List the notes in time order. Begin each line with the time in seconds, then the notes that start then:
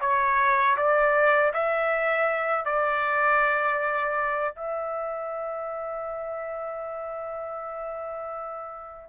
0.00 C#5
0.77 D5
1.53 E5
2.65 D5
4.55 E5